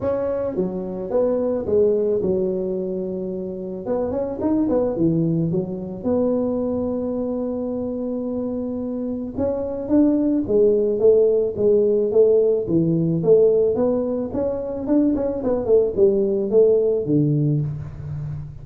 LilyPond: \new Staff \with { instrumentName = "tuba" } { \time 4/4 \tempo 4 = 109 cis'4 fis4 b4 gis4 | fis2. b8 cis'8 | dis'8 b8 e4 fis4 b4~ | b1~ |
b4 cis'4 d'4 gis4 | a4 gis4 a4 e4 | a4 b4 cis'4 d'8 cis'8 | b8 a8 g4 a4 d4 | }